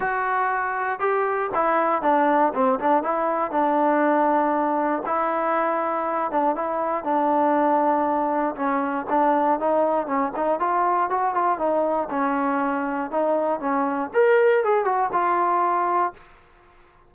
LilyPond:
\new Staff \with { instrumentName = "trombone" } { \time 4/4 \tempo 4 = 119 fis'2 g'4 e'4 | d'4 c'8 d'8 e'4 d'4~ | d'2 e'2~ | e'8 d'8 e'4 d'2~ |
d'4 cis'4 d'4 dis'4 | cis'8 dis'8 f'4 fis'8 f'8 dis'4 | cis'2 dis'4 cis'4 | ais'4 gis'8 fis'8 f'2 | }